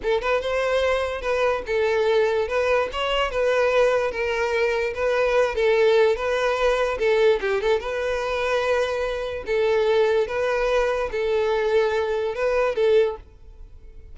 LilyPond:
\new Staff \with { instrumentName = "violin" } { \time 4/4 \tempo 4 = 146 a'8 b'8 c''2 b'4 | a'2 b'4 cis''4 | b'2 ais'2 | b'4. a'4. b'4~ |
b'4 a'4 g'8 a'8 b'4~ | b'2. a'4~ | a'4 b'2 a'4~ | a'2 b'4 a'4 | }